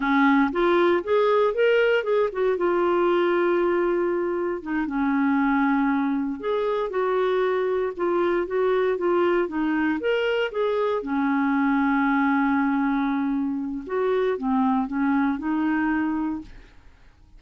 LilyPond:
\new Staff \with { instrumentName = "clarinet" } { \time 4/4 \tempo 4 = 117 cis'4 f'4 gis'4 ais'4 | gis'8 fis'8 f'2.~ | f'4 dis'8 cis'2~ cis'8~ | cis'8 gis'4 fis'2 f'8~ |
f'8 fis'4 f'4 dis'4 ais'8~ | ais'8 gis'4 cis'2~ cis'8~ | cis'2. fis'4 | c'4 cis'4 dis'2 | }